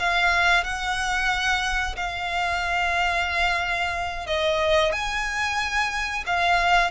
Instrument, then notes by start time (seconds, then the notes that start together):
violin
0.00 F5
0.64 F#5
1.97 F5
4.27 D#5
4.93 G#5
6.27 F5